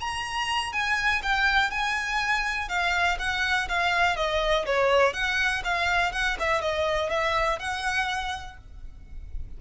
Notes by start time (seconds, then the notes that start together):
0.00 A#5
0.73 G#5
1.23 G5
1.70 G#5
2.69 F5
3.19 F#5
3.69 F5
4.16 D#5
4.66 C#5
5.13 F#5
5.64 F5
6.12 F#5
6.39 E5
6.61 D#5
7.10 E5
7.59 F#5